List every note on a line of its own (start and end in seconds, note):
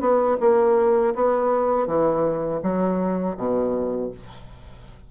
0.00 0.37 B3
0.40 1.14 A#3
1.15 1.87 B3
1.87 2.61 E3
2.63 3.37 F#3
3.37 4.11 B2